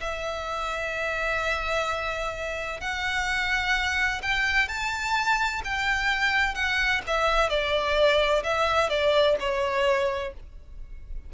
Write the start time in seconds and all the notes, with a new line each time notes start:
0.00 E5
2.80 F#5
4.22 G5
4.68 A5
5.64 G5
6.55 F#5
7.07 E5
7.49 D5
8.43 E5
8.89 D5
9.40 C#5